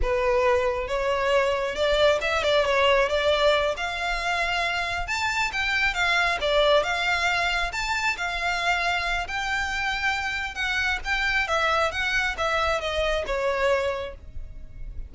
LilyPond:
\new Staff \with { instrumentName = "violin" } { \time 4/4 \tempo 4 = 136 b'2 cis''2 | d''4 e''8 d''8 cis''4 d''4~ | d''8 f''2. a''8~ | a''8 g''4 f''4 d''4 f''8~ |
f''4. a''4 f''4.~ | f''4 g''2. | fis''4 g''4 e''4 fis''4 | e''4 dis''4 cis''2 | }